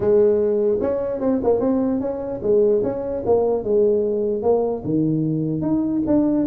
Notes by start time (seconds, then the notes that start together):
0.00 G#3
0.81 C#4
1.20 C4
1.43 A#3
1.60 C4
2.00 C#4
2.42 G#3
2.83 C#4
3.25 A#3
3.63 G#3
4.42 A#3
4.84 D#3
5.61 D#4
6.06 D4